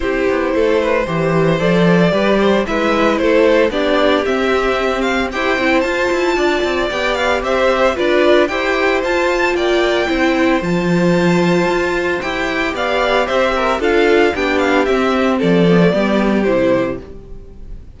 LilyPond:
<<
  \new Staff \with { instrumentName = "violin" } { \time 4/4 \tempo 4 = 113 c''2. d''4~ | d''4 e''4 c''4 d''4 | e''4. f''8 g''4 a''4~ | a''4 g''8 f''8 e''4 d''4 |
g''4 a''4 g''2 | a''2. g''4 | f''4 e''4 f''4 g''8 f''8 | e''4 d''2 c''4 | }
  \new Staff \with { instrumentName = "violin" } { \time 4/4 g'4 a'8 b'8 c''2 | b'8 c''8 b'4 a'4 g'4~ | g'2 c''2 | d''2 c''4 b'4 |
c''2 d''4 c''4~ | c''1 | d''4 c''8 ais'8 a'4 g'4~ | g'4 a'4 g'2 | }
  \new Staff \with { instrumentName = "viola" } { \time 4/4 e'2 g'4 a'4 | g'4 e'2 d'4 | c'2 g'8 e'8 f'4~ | f'4 g'2 f'4 |
g'4 f'2 e'4 | f'2. g'4~ | g'2 f'4 d'4 | c'4. b16 a16 b4 e'4 | }
  \new Staff \with { instrumentName = "cello" } { \time 4/4 c'8 b8 a4 e4 f4 | g4 gis4 a4 b4 | c'2 e'8 c'8 f'8 e'8 | d'8 c'8 b4 c'4 d'4 |
e'4 f'4 ais4 c'4 | f2 f'4 e'4 | b4 c'4 d'4 b4 | c'4 f4 g4 c4 | }
>>